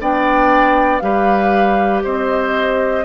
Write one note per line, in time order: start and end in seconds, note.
0.00 1.01 B3
0.00 1.01 D4
0.00 1.03 D5
0.00 0.99 G5
0.99 2.03 G3
0.99 3.04 G4
0.99 2.04 B4
0.99 2.00 F5
2.04 3.04 C4
2.04 3.04 C5
2.04 3.04 D#5